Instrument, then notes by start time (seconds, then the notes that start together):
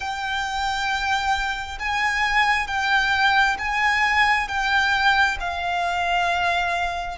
violin
0.00 G5
1.79 G#5
2.67 G5
3.58 G#5
4.48 G5
5.40 F5